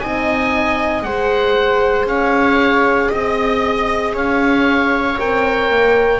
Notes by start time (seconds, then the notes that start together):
0.00 C4 D#4 D#5 G#5
1.03 G#3 G#4 C5 F#5
2.06 C#4 C#5 F5
3.10 C4 D#5
4.14 C#4 C#5 F5
5.18 C4 A#4 G5
5.70 A#3